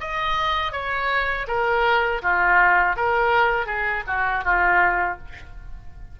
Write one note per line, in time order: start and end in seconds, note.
0.00 0.72 D#5
0.72 1.46 C#5
1.47 2.21 A#4
2.22 2.96 F4
2.96 3.66 A#4
3.66 4.03 G#4
4.07 4.44 F#4
4.44 5.18 F4